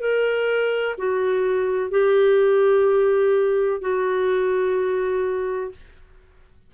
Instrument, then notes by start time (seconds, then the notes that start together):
clarinet
0.00 A#4
0.97 F#4
1.90 G4
3.81 F#4